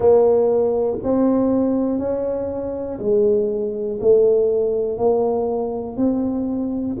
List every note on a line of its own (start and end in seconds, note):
0.00 0.97 A#3
1.03 1.98 C4
1.98 2.98 C#4
2.99 3.99 G#3
4.00 4.97 A3
4.97 5.96 A#3
5.96 6.96 C4